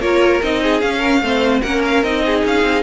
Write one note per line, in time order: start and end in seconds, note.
0.00 0.41 A#3
0.00 0.42 F4
0.00 0.60 A#4
0.00 0.42 C#5
0.43 0.83 C4
0.43 0.81 D#4
0.43 0.81 D#5
0.63 0.99 G#4
0.81 1.22 C#4
0.81 1.21 C#4
0.81 1.61 F5
0.99 1.19 A#4
1.21 1.61 A3
1.21 1.63 C4
1.21 1.62 C5
1.62 2.03 A#3
1.62 2.04 C#4
1.62 2.23 A#4
1.62 1.82 F#5
1.86 2.04 F5
2.03 2.43 C4
2.03 2.83 D#4
2.03 2.44 D#5
2.26 2.83 G#4
2.45 2.62 C#4
2.45 2.83 F5
2.62 2.83 C4